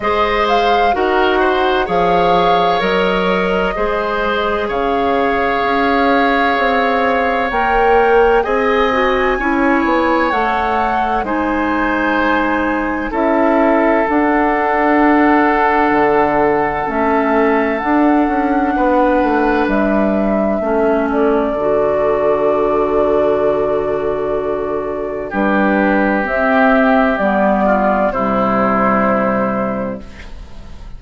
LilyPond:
<<
  \new Staff \with { instrumentName = "flute" } { \time 4/4 \tempo 4 = 64 dis''8 f''8 fis''4 f''4 dis''4~ | dis''4 f''2. | g''4 gis''2 fis''4 | gis''2 e''4 fis''4~ |
fis''2 e''4 fis''4~ | fis''4 e''4. d''4.~ | d''2. b'4 | e''4 d''4 c''2 | }
  \new Staff \with { instrumentName = "oboe" } { \time 4/4 c''4 ais'8 c''8 cis''2 | c''4 cis''2.~ | cis''4 dis''4 cis''2 | c''2 a'2~ |
a'1 | b'2 a'2~ | a'2. g'4~ | g'4. f'8 e'2 | }
  \new Staff \with { instrumentName = "clarinet" } { \time 4/4 gis'4 fis'4 gis'4 ais'4 | gis'1 | ais'4 gis'8 fis'8 e'4 a'4 | dis'2 e'4 d'4~ |
d'2 cis'4 d'4~ | d'2 cis'4 fis'4~ | fis'2. d'4 | c'4 b4 g2 | }
  \new Staff \with { instrumentName = "bassoon" } { \time 4/4 gis4 dis'4 f4 fis4 | gis4 cis4 cis'4 c'4 | ais4 c'4 cis'8 b8 a4 | gis2 cis'4 d'4~ |
d'4 d4 a4 d'8 cis'8 | b8 a8 g4 a4 d4~ | d2. g4 | c'4 g4 c2 | }
>>